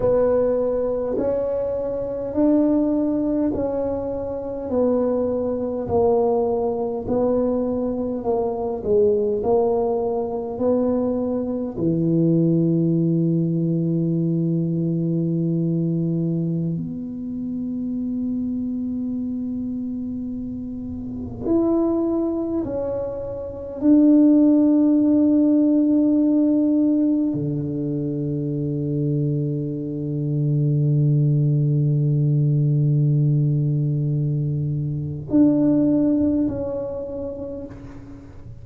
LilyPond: \new Staff \with { instrumentName = "tuba" } { \time 4/4 \tempo 4 = 51 b4 cis'4 d'4 cis'4 | b4 ais4 b4 ais8 gis8 | ais4 b4 e2~ | e2~ e16 b4.~ b16~ |
b2~ b16 e'4 cis'8.~ | cis'16 d'2. d8.~ | d1~ | d2 d'4 cis'4 | }